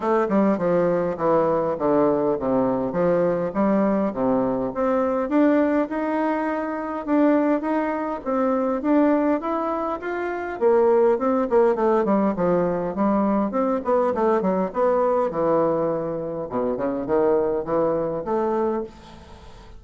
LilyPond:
\new Staff \with { instrumentName = "bassoon" } { \time 4/4 \tempo 4 = 102 a8 g8 f4 e4 d4 | c4 f4 g4 c4 | c'4 d'4 dis'2 | d'4 dis'4 c'4 d'4 |
e'4 f'4 ais4 c'8 ais8 | a8 g8 f4 g4 c'8 b8 | a8 fis8 b4 e2 | b,8 cis8 dis4 e4 a4 | }